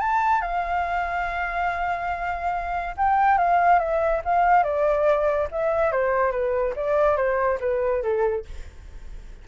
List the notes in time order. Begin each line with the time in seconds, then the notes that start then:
0.00 A5
0.41 F5
2.97 G5
3.38 F5
3.79 E5
4.24 F5
4.63 D5
5.51 E5
5.92 C5
6.31 B4
6.76 D5
7.16 C5
7.60 B4
8.03 A4